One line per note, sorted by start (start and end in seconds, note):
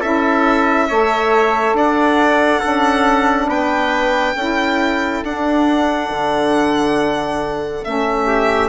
0.00 0.89 C#4
0.00 0.89 E4
0.00 0.87 A4
0.00 1.76 E5
0.89 1.73 A3
0.89 2.61 A4
0.89 1.76 C#5
1.73 2.60 D4
1.73 2.60 D5
1.73 3.49 F#5
2.60 3.47 C#4
2.60 4.35 D4
2.60 3.47 A4
3.47 4.34 B3
3.47 4.35 B4
3.47 5.23 G5
4.35 5.22 C#4
4.35 5.24 E4
4.35 8.26 A4
5.23 6.10 D4
5.23 7.85 D4
5.23 7.84 F#5
6.10 7.84 D3
7.84 8.68 A3
7.84 8.68 C#4
7.84 8.68 E5
8.26 8.68 G4